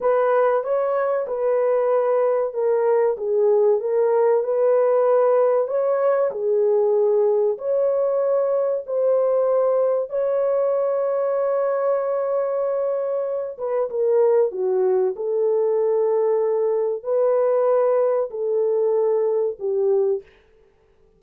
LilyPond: \new Staff \with { instrumentName = "horn" } { \time 4/4 \tempo 4 = 95 b'4 cis''4 b'2 | ais'4 gis'4 ais'4 b'4~ | b'4 cis''4 gis'2 | cis''2 c''2 |
cis''1~ | cis''4. b'8 ais'4 fis'4 | a'2. b'4~ | b'4 a'2 g'4 | }